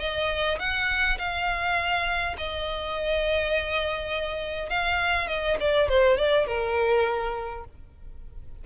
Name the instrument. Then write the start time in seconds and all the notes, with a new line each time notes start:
violin
0.00 D#5
0.60 F#5
1.19 F5
2.38 D#5
4.70 F5
5.28 D#5
5.61 D5
5.89 C5
6.18 D5
6.47 A#4